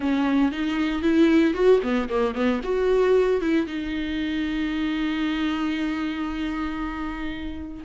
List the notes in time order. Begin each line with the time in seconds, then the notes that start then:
0.00 C#4
0.51 D#4
1.02 E4
1.54 F#4
1.82 B3
2.09 A#3
2.34 B3
2.63 F#4
3.41 E4
3.66 D#4